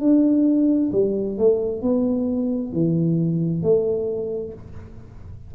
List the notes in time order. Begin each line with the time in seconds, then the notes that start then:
0.00 D4
0.92 G3
1.38 A3
1.82 B3
2.73 E3
3.62 A3